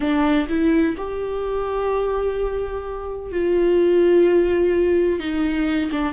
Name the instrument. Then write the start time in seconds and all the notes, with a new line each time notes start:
viola
0.00 D4
0.49 E4
0.97 G4
3.31 F4
5.19 D#4
5.91 D4